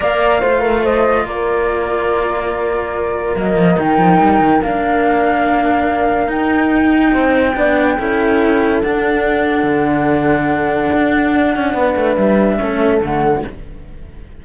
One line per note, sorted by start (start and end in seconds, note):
0.00 0.42 A#3
0.00 0.41 A#4
0.00 0.40 D5
0.00 0.84 F5
0.40 1.24 A3
0.40 3.36 F4
0.40 0.60 C5
0.60 0.81 A#4
0.83 1.25 C5
0.83 1.26 D#5
1.24 3.34 A#3
1.24 7.12 A#4
1.24 3.37 D5
3.36 3.55 F#3
3.36 3.77 A#3
3.36 3.79 D#5
3.55 3.76 F3
3.77 3.98 D#3
3.77 4.61 D#4
3.77 4.62 G5
3.98 4.19 F3
4.20 4.40 G3
4.40 4.61 D#3
4.62 6.27 A#3
4.62 6.27 D4
4.62 6.29 F5
6.27 7.53 D#4
6.27 7.11 D#4
6.27 8.81 G5
7.12 7.56 C4
7.12 7.54 C5
7.55 7.98 B3
7.55 7.97 D4
7.55 7.98 D5
7.98 8.82 C#4
7.98 8.83 E4
7.98 11.76 A4
8.81 9.63 D4
8.81 12.59 D4
8.81 12.15 F#5
9.63 10.89 D3
10.93 11.55 D4
11.55 11.73 C#4
11.73 11.94 B3
11.73 12.59 B4
11.96 12.17 A3
12.15 12.59 G3
12.15 12.99 E5
12.59 13.00 A3
12.59 13.01 C#4
12.59 13.43 A4
13.00 13.42 D3
13.00 13.44 A3
13.00 13.45 F#5